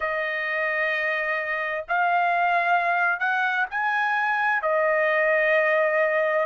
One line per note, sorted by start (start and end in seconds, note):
0.00 1.85 D#5
1.88 3.19 F5
3.19 3.65 F#5
3.70 4.62 G#5
4.62 6.46 D#5